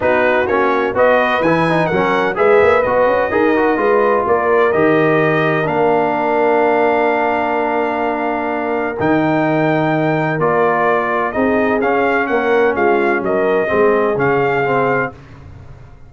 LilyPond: <<
  \new Staff \with { instrumentName = "trumpet" } { \time 4/4 \tempo 4 = 127 b'4 cis''4 dis''4 gis''4 | fis''4 e''4 dis''2~ | dis''4 d''4 dis''2 | f''1~ |
f''2. g''4~ | g''2 d''2 | dis''4 f''4 fis''4 f''4 | dis''2 f''2 | }
  \new Staff \with { instrumentName = "horn" } { \time 4/4 fis'2 b'2 | ais'4 b'2 ais'4 | b'4 ais'2.~ | ais'1~ |
ais'1~ | ais'1 | gis'2 ais'4 f'4 | ais'4 gis'2. | }
  \new Staff \with { instrumentName = "trombone" } { \time 4/4 dis'4 cis'4 fis'4 e'8 dis'8 | cis'4 gis'4 fis'4 gis'8 fis'8 | f'2 g'2 | d'1~ |
d'2. dis'4~ | dis'2 f'2 | dis'4 cis'2.~ | cis'4 c'4 cis'4 c'4 | }
  \new Staff \with { instrumentName = "tuba" } { \time 4/4 b4 ais4 b4 e4 | fis4 gis8 ais8 b8 cis'8 dis'4 | gis4 ais4 dis2 | ais1~ |
ais2. dis4~ | dis2 ais2 | c'4 cis'4 ais4 gis4 | fis4 gis4 cis2 | }
>>